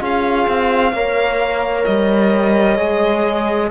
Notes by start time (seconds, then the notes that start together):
0.00 C#4 F4 G#4 F5
0.47 C4
0.92 A#3 A#4 C#5
1.85 G3 D#5
2.77 G#3 G#4